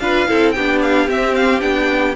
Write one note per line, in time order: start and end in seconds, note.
0.00 0.27 D4
0.00 0.28 F4
0.00 0.28 B4
0.00 0.52 F5
0.28 0.56 C4
0.28 0.55 E4
0.28 0.55 A4
0.52 1.08 B3
0.52 2.17 G4
0.52 0.79 G5
0.58 1.09 D4
0.82 1.09 F5
1.08 1.62 C4
1.08 1.60 C4
1.08 1.35 E5
1.35 1.61 F5
1.60 2.16 B3
1.60 2.14 D4
1.60 2.15 G5